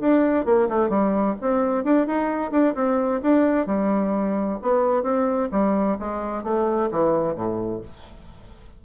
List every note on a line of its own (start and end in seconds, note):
0.00 0.45 D4
0.45 0.68 A#3
0.69 0.89 A3
0.89 1.35 G3
1.41 1.84 C4
1.84 2.07 D4
2.07 2.51 D#4
2.51 2.74 D4
2.75 3.21 C4
3.22 3.66 D4
3.66 4.59 G3
4.62 5.03 B3
5.03 5.49 C4
5.51 5.97 G3
5.99 6.43 G#3
6.43 6.90 A3
6.91 7.35 E3
7.35 7.81 A2